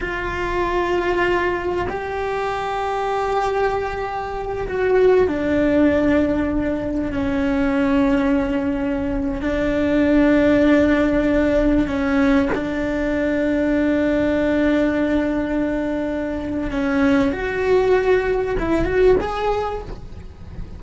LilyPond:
\new Staff \with { instrumentName = "cello" } { \time 4/4 \tempo 4 = 97 f'2. g'4~ | g'2.~ g'8 fis'8~ | fis'8 d'2. cis'8~ | cis'2.~ cis'16 d'8.~ |
d'2.~ d'16 cis'8.~ | cis'16 d'2.~ d'8.~ | d'2. cis'4 | fis'2 e'8 fis'8 gis'4 | }